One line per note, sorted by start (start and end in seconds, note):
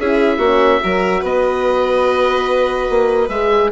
0.00 0.38 C#4
0.00 0.42 E4
0.00 0.38 G#4
0.00 1.25 E5
0.38 0.80 A#3
0.38 0.81 C#4
0.38 0.80 F#4
0.81 1.23 F#3
0.81 3.31 F#4
0.81 1.21 A#4
1.21 2.90 B3
1.21 3.71 B4
1.21 3.29 D#5
2.90 3.29 A#3
3.29 3.71 G#3
3.29 3.73 G#4
3.29 3.71 E5